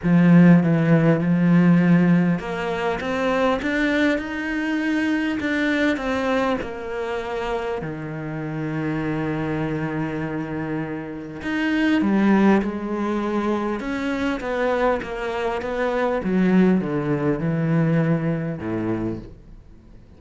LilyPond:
\new Staff \with { instrumentName = "cello" } { \time 4/4 \tempo 4 = 100 f4 e4 f2 | ais4 c'4 d'4 dis'4~ | dis'4 d'4 c'4 ais4~ | ais4 dis2.~ |
dis2. dis'4 | g4 gis2 cis'4 | b4 ais4 b4 fis4 | d4 e2 a,4 | }